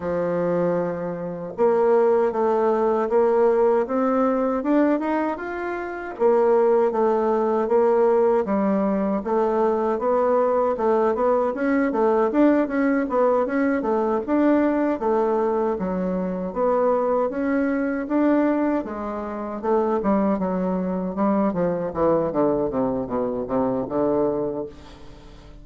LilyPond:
\new Staff \with { instrumentName = "bassoon" } { \time 4/4 \tempo 4 = 78 f2 ais4 a4 | ais4 c'4 d'8 dis'8 f'4 | ais4 a4 ais4 g4 | a4 b4 a8 b8 cis'8 a8 |
d'8 cis'8 b8 cis'8 a8 d'4 a8~ | a8 fis4 b4 cis'4 d'8~ | d'8 gis4 a8 g8 fis4 g8 | f8 e8 d8 c8 b,8 c8 d4 | }